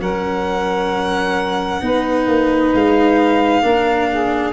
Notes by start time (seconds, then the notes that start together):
0.00 F#3 C#4 A#4 F#5
1.81 B3 D#4 B4
2.28 A#3
2.74 G#3 F5
3.63 A#3 D4 A#4
4.10 G#4